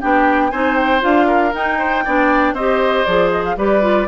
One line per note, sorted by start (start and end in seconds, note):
0.00 0.52 B3
0.00 0.51 D4
0.00 0.51 G4
0.00 0.51 G5
0.51 1.03 C4
0.51 1.00 D#4
0.51 1.27 C5
0.51 0.76 G#5
0.76 1.01 G5
1.00 1.53 D4
1.00 1.51 F4
1.00 1.54 F5
1.27 1.78 A#4
1.53 2.04 D#4
1.53 2.05 D#4
1.53 2.55 G5
1.78 2.03 C5
2.04 2.52 B3
2.04 2.56 D4
2.04 2.54 D5
2.52 3.03 C4
2.52 3.06 G4
2.52 3.56 C5
2.52 3.04 D#5
3.04 3.56 F3
3.04 3.57 G#4
3.04 3.30 D5
3.30 3.43 D#5
3.44 3.57 F5
3.56 4.07 G3
3.56 3.81 G4
3.56 4.07 B4
3.56 4.07 D5
3.81 4.06 F4